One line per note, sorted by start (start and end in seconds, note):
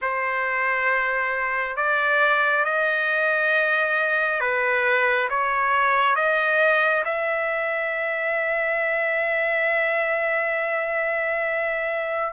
0.01 1.76 C5
1.76 2.64 D5
2.64 4.40 D#5
4.40 5.28 B4
5.29 6.15 C#5
6.15 7.03 D#5
7.05 12.32 E5